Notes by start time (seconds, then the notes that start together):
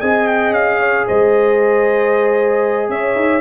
0.00 C4 G#4 D#5 G#5
0.27 G5
0.50 C#4 F5
0.80 C#5
1.07 G#3 C5 D#5
2.89 C#4 C#5 E5
3.15 D#4